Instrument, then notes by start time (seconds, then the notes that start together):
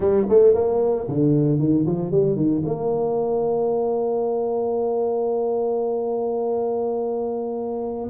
tuba
0.00 G3
0.29 A3
0.54 A#3
1.07 D3
1.59 D#3
1.86 F3
2.11 G3
2.36 D#3
2.65 A#3